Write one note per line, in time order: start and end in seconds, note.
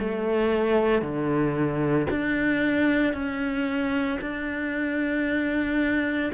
0.00 1.02 A3
1.02 2.07 D3
2.11 3.14 D4
3.14 4.19 C#4
4.22 6.32 D4